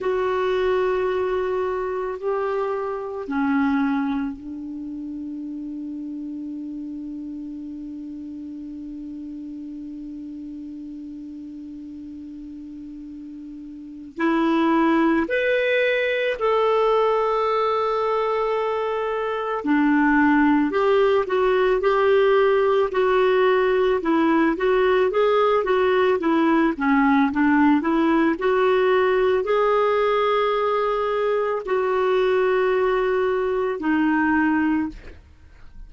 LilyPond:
\new Staff \with { instrumentName = "clarinet" } { \time 4/4 \tempo 4 = 55 fis'2 g'4 cis'4 | d'1~ | d'1~ | d'4 e'4 b'4 a'4~ |
a'2 d'4 g'8 fis'8 | g'4 fis'4 e'8 fis'8 gis'8 fis'8 | e'8 cis'8 d'8 e'8 fis'4 gis'4~ | gis'4 fis'2 dis'4 | }